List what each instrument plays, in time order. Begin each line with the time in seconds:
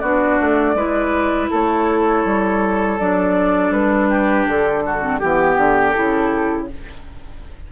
0.00 bassoon B3, clarinet D4, oboe F#4, flute D5
0.41 bassoon A3
0.75 bassoon G#3, clarinet E4, oboe B4
1.51 bassoon A3, oboe A4, flute C#5
2.25 bassoon G3
3.00 bassoon F#3, clarinet D4, flute D5
3.71 bassoon G3, flute B4
4.10 oboe G4
4.48 bassoon D3, flute A4
4.86 oboe F#4
5.02 clarinet C4
5.19 bassoon E3, clarinet B3, flute G4, oboe G4
5.57 bassoon D3
5.91 clarinet E4, flute A4
5.98 bassoon C#3